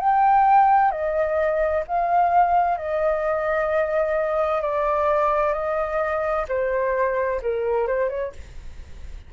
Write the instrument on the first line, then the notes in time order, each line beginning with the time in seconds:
flute
0.00 G5
0.91 D#5
1.88 F5
2.78 D#5
4.62 D5
5.53 D#5
6.49 C5
7.42 A#4
7.87 C5
8.09 C#5